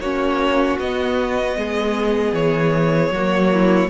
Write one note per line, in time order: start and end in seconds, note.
0.00 0.78 A#3
0.00 0.81 C#4
0.00 1.58 F#4
0.00 0.79 C#5
0.79 1.57 B3
0.79 3.15 B3
0.79 2.35 D#5
1.57 2.33 G#3
1.57 3.14 G#4
2.33 3.11 E3
2.33 3.91 C#5
3.11 3.88 F#3
3.11 3.91 A#3
3.11 3.53 F#4
3.54 3.91 E4